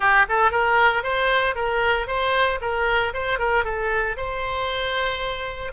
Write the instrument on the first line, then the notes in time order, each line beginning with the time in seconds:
oboe
0.00 G4
0.29 A4
0.51 A#4
1.03 C5
1.55 A#4
2.07 C5
2.61 A#4
3.13 C5
3.38 A#4
3.64 A4
4.16 C5